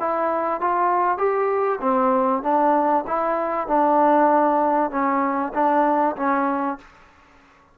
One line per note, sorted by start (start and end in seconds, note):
0.00 0.61 E4
0.61 1.18 F4
1.18 1.80 G4
1.81 2.43 C4
2.43 3.05 D4
3.07 3.67 E4
3.67 4.91 D4
4.91 5.53 C#4
5.54 6.16 D4
6.17 6.78 C#4